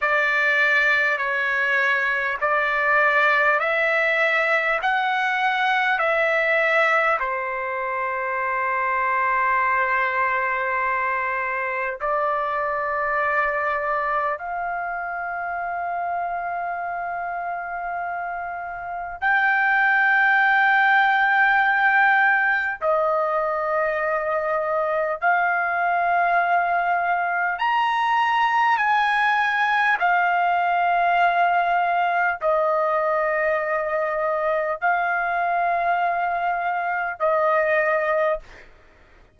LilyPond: \new Staff \with { instrumentName = "trumpet" } { \time 4/4 \tempo 4 = 50 d''4 cis''4 d''4 e''4 | fis''4 e''4 c''2~ | c''2 d''2 | f''1 |
g''2. dis''4~ | dis''4 f''2 ais''4 | gis''4 f''2 dis''4~ | dis''4 f''2 dis''4 | }